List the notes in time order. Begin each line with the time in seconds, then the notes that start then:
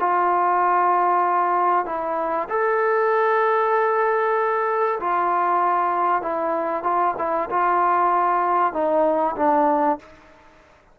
0.00 F4
1.86 E4
2.50 A4
5.01 F4
6.22 E4
6.84 F4
7.18 E4
7.50 F4
8.74 D#4
9.37 D4